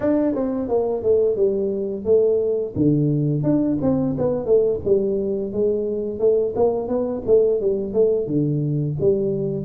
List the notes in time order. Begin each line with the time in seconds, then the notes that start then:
0.00 D4
0.34 C4
0.68 A#3
1.03 A3
1.35 G3
2.04 A3
2.75 D3
3.43 D4
3.81 C4
4.18 B3
4.45 A3
4.84 G3
5.52 G#3
6.19 A3
6.55 A#3
6.88 B3
7.26 A3
7.60 G3
7.93 A3
8.26 D3
9.00 G3